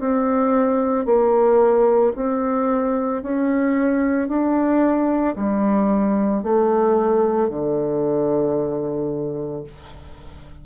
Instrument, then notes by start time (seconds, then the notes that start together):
bassoon
0.00 C4
1.06 A#3
2.16 C4
3.23 C#4
4.29 D4
5.36 G3
6.43 A3
7.50 D3